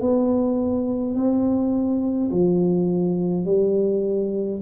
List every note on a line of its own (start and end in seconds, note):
0.00 1.15 B3
1.15 2.30 C4
2.31 3.45 F3
3.45 4.60 G3